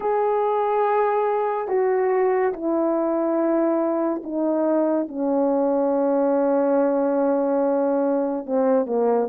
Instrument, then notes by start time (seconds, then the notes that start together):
horn
0.00 G#4
1.68 F#4
2.53 E4
4.23 D#4
5.07 C#4
8.45 C4
8.85 A#3